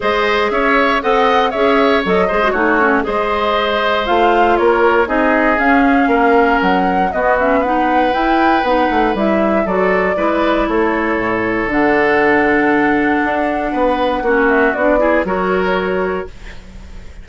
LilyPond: <<
  \new Staff \with { instrumentName = "flute" } { \time 4/4 \tempo 4 = 118 dis''4 e''4 fis''4 e''4 | dis''4 cis''4 dis''2 | f''4 cis''4 dis''4 f''4~ | f''4 fis''4 dis''8 e''8 fis''4 |
g''4 fis''4 e''4 d''4~ | d''4 cis''2 fis''4~ | fis''1~ | fis''8 e''8 d''4 cis''2 | }
  \new Staff \with { instrumentName = "oboe" } { \time 4/4 c''4 cis''4 dis''4 cis''4~ | cis''8 c''8 fis'4 c''2~ | c''4 ais'4 gis'2 | ais'2 fis'4 b'4~ |
b'2. a'4 | b'4 a'2.~ | a'2. b'4 | fis'4. gis'8 ais'2 | }
  \new Staff \with { instrumentName = "clarinet" } { \time 4/4 gis'2 a'4 gis'4 | a'8 gis'16 fis'16 dis'8 cis'8 gis'2 | f'2 dis'4 cis'4~ | cis'2 b8 cis'8 dis'4 |
e'4 dis'4 e'4 fis'4 | e'2. d'4~ | d'1 | cis'4 d'8 e'8 fis'2 | }
  \new Staff \with { instrumentName = "bassoon" } { \time 4/4 gis4 cis'4 c'4 cis'4 | fis8 gis8 a4 gis2 | a4 ais4 c'4 cis'4 | ais4 fis4 b2 |
e'4 b8 a8 g4 fis4 | gis4 a4 a,4 d4~ | d2 d'4 b4 | ais4 b4 fis2 | }
>>